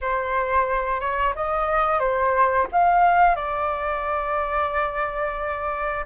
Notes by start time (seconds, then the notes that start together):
0.01 C5
1.00 C#5
1.35 D#5
1.99 C5
2.72 F5
3.35 D5